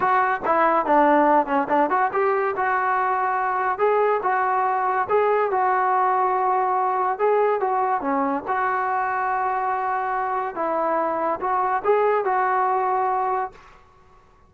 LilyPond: \new Staff \with { instrumentName = "trombone" } { \time 4/4 \tempo 4 = 142 fis'4 e'4 d'4. cis'8 | d'8 fis'8 g'4 fis'2~ | fis'4 gis'4 fis'2 | gis'4 fis'2.~ |
fis'4 gis'4 fis'4 cis'4 | fis'1~ | fis'4 e'2 fis'4 | gis'4 fis'2. | }